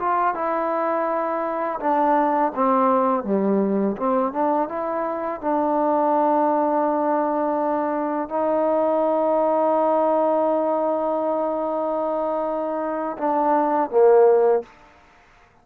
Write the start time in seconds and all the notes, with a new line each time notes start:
0.00 F4
0.35 E4
1.80 D4
2.56 C4
3.25 G3
3.97 C4
4.33 D4
4.69 E4
5.42 D4
8.29 D#4
13.19 D4
13.91 A#3